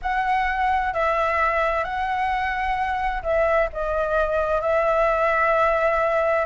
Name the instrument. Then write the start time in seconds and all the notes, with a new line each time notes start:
flute
0.01 F#5
0.93 E5
1.83 F#5
3.22 E5
3.73 D#5
4.61 E5